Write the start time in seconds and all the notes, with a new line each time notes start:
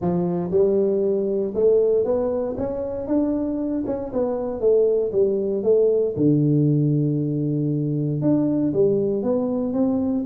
0.01 F3
0.51 G3
1.54 A3
2.04 B3
2.57 C#4
3.07 D4
3.86 C#4
4.12 B3
4.60 A3
5.11 G3
5.63 A3
6.16 D3
8.21 D4
8.73 G3
9.23 B3
9.73 C4